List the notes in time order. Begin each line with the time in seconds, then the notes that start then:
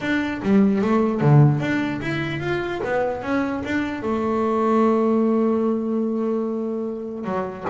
0.01 D4
0.42 G3
0.81 A3
1.20 D3
1.60 D4
2.01 E4
2.40 F4
2.84 B3
3.22 C#4
3.64 D4
4.02 A3
7.24 F#3